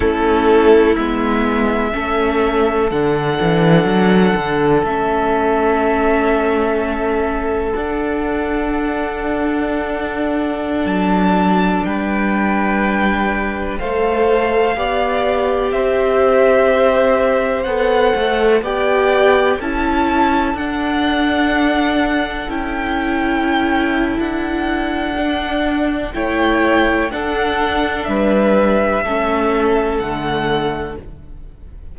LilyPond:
<<
  \new Staff \with { instrumentName = "violin" } { \time 4/4 \tempo 4 = 62 a'4 e''2 fis''4~ | fis''4 e''2. | fis''2.~ fis''16 a''8.~ | a''16 g''2 f''4.~ f''16~ |
f''16 e''2 fis''4 g''8.~ | g''16 a''4 fis''2 g''8.~ | g''4 fis''2 g''4 | fis''4 e''2 fis''4 | }
  \new Staff \with { instrumentName = "violin" } { \time 4/4 e'2 a'2~ | a'1~ | a'1~ | a'16 b'2 c''4 d''8.~ |
d''16 c''2. d''8.~ | d''16 a'2.~ a'8.~ | a'2. cis''4 | a'4 b'4 a'2 | }
  \new Staff \with { instrumentName = "viola" } { \time 4/4 cis'4 b4 cis'4 d'4~ | d'4 cis'2. | d'1~ | d'2~ d'16 a'4 g'8.~ |
g'2~ g'16 a'4 g'8.~ | g'16 e'4 d'2 e'8.~ | e'2 d'4 e'4 | d'2 cis'4 a4 | }
  \new Staff \with { instrumentName = "cello" } { \time 4/4 a4 gis4 a4 d8 e8 | fis8 d8 a2. | d'2.~ d'16 fis8.~ | fis16 g2 a4 b8.~ |
b16 c'2 b8 a8 b8.~ | b16 cis'4 d'2 cis'8.~ | cis'4 d'2 a4 | d'4 g4 a4 d4 | }
>>